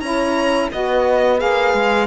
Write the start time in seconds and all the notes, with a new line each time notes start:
0.00 C#4 E4 C#5 A#5
0.72 B3 F#4 B4 D#5
1.38 A#3 G#4 F5
1.74 G#3